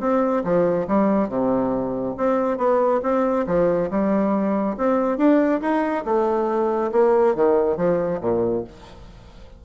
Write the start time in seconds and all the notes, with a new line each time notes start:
0.00 C4
0.44 F3
0.88 G3
1.29 C3
2.17 C4
2.58 B3
3.03 C4
3.47 F3
3.90 G3
4.77 C4
5.18 D4
5.61 D#4
6.05 A3
6.92 A#3
7.35 D#3
7.77 F3
8.21 A#2